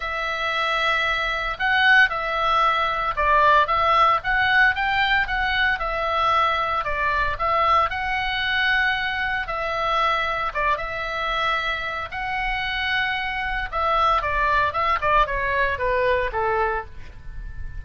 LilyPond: \new Staff \with { instrumentName = "oboe" } { \time 4/4 \tempo 4 = 114 e''2. fis''4 | e''2 d''4 e''4 | fis''4 g''4 fis''4 e''4~ | e''4 d''4 e''4 fis''4~ |
fis''2 e''2 | d''8 e''2~ e''8 fis''4~ | fis''2 e''4 d''4 | e''8 d''8 cis''4 b'4 a'4 | }